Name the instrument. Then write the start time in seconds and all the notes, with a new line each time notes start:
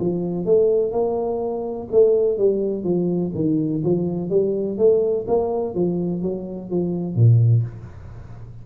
tuba
0.00 F3
0.46 A3
0.92 A#3
1.92 A3
2.38 G3
2.84 F3
3.35 D#3
3.84 F3
4.30 G3
4.78 A3
5.28 A#3
5.75 F3
6.22 F#3
6.70 F3
7.16 A#2